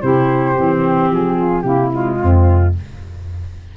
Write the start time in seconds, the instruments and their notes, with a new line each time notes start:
0.00 tuba C3, clarinet E4, saxophone G4, flute C5
0.55 tuba E3, clarinet C4
1.10 tuba F3, flute G#4
1.35 saxophone F4
1.61 tuba C3, clarinet A#3, saxophone E4, flute G4
1.91 clarinet G#3, flute F4
2.20 tuba F2, saxophone C4